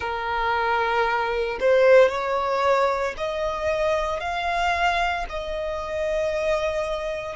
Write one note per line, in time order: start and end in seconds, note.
0.00 1.58 A#4
1.59 2.09 C5
2.09 3.14 C#5
3.17 4.20 D#5
4.20 5.25 F5
5.29 7.36 D#5